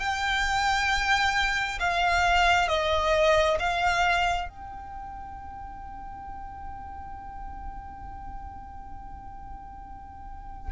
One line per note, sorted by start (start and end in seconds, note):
0.00 1.79 G5
1.80 2.68 F5
2.68 3.58 D#5
3.59 4.49 F5
4.49 10.73 G5